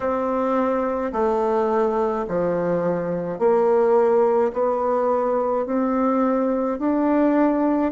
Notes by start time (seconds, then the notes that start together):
0.00 C4
1.12 A3
2.28 F3
3.38 A#3
4.53 B3
5.66 C4
6.79 D4